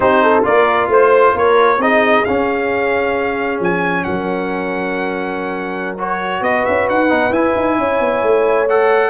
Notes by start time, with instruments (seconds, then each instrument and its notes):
0.00 tuba C4, trombone D#4, horn G4, trumpet C5
0.23 horn A4
0.42 tuba A#3, trombone F4, horn A#4, trumpet D5
0.88 tuba A3, horn C5, trumpet C5
1.34 tuba A#3, horn A#4, trumpet C#5
1.78 tuba C4, trombone D#4, horn G#4, trumpet D#5
2.24 tuba C#4, trombone C#4, trumpet F5
3.60 tuba F3, trumpet G#5
4.04 tuba F#3, horn A#4, trumpet F#5
5.98 trombone F#4, trumpet C#5
6.41 tuba B3, horn B4, trumpet D#5
6.65 tuba C#4, trumpet E5
6.89 tuba D#4, trumpet F#5
7.08 tuba B3, trombone D#4
7.29 tuba E4, trombone E4, trumpet G#5
7.56 tuba D#4
7.78 tuba C#4, horn C#5
8.00 tuba B3
8.22 tuba A3
8.68 trombone A4, trumpet F#5